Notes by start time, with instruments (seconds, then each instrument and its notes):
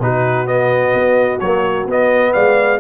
0.00 tuba B2, trombone D#4, horn F#4, trumpet B4
0.47 trombone B3, trumpet D#5
0.95 tuba B3
1.40 trombone F#3, tuba A#3, trumpet C#5
1.87 tuba B3, trombone B3, trumpet D#5
2.33 tuba G#3, horn D5, trumpet F5